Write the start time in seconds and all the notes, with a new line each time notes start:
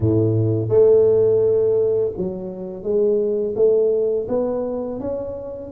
0.00 A2
0.68 A3
2.17 F#3
2.83 G#3
3.55 A3
4.28 B3
5.00 C#4